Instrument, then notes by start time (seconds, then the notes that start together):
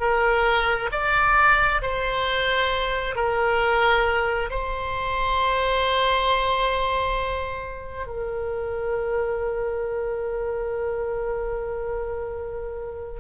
oboe
0.00 A#4
0.92 D5
1.82 C5
3.15 A#4
4.50 C5
8.06 A#4